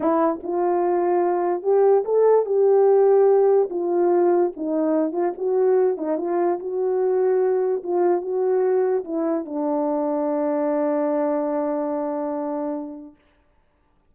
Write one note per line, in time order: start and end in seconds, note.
0.00 0.41 E4
0.43 1.62 F4
1.62 2.03 G4
2.04 2.45 A4
2.45 3.69 G4
3.70 4.52 F4
4.56 5.12 D#4
5.12 5.32 F4
5.37 5.97 F#4
5.97 6.17 D#4
6.17 6.58 F4
6.59 7.82 F#4
7.83 8.21 F4
8.21 9.03 F#4
9.04 9.45 E4
9.45 13.15 D4